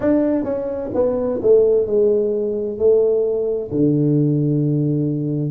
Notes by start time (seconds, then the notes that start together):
0.00 D4
0.44 C#4
0.94 B3
1.42 A3
1.86 G#3
2.78 A3
3.71 D3